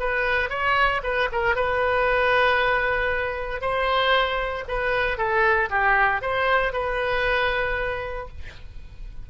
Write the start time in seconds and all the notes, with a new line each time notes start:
0.00 B4
0.50 C#5
1.04 B4
1.32 A#4
1.56 B4
3.62 C5
4.69 B4
5.18 A4
5.70 G4
6.22 C5
6.73 B4